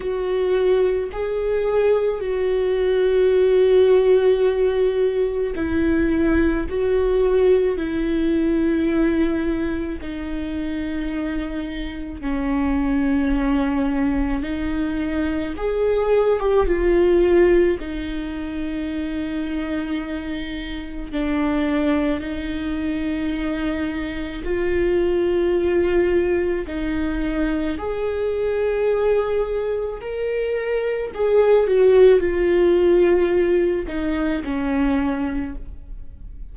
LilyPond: \new Staff \with { instrumentName = "viola" } { \time 4/4 \tempo 4 = 54 fis'4 gis'4 fis'2~ | fis'4 e'4 fis'4 e'4~ | e'4 dis'2 cis'4~ | cis'4 dis'4 gis'8. g'16 f'4 |
dis'2. d'4 | dis'2 f'2 | dis'4 gis'2 ais'4 | gis'8 fis'8 f'4. dis'8 cis'4 | }